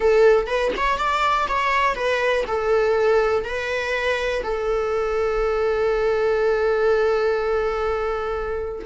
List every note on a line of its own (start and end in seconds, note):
0.00 0.46 A4
0.46 0.71 B4
0.76 0.98 C#5
0.98 1.47 D5
1.48 1.95 C#5
1.95 2.44 B4
2.47 3.44 A4
3.44 4.43 B4
4.43 8.85 A4